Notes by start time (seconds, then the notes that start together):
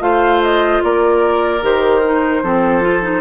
0.00 A3 F4 C5 F5
0.43 D#5
0.84 A#3 A#4 D5
1.62 D#3 G4 C5
2.04 D#4
2.43 F3 C4 A4
2.82 F4
3.02 D#4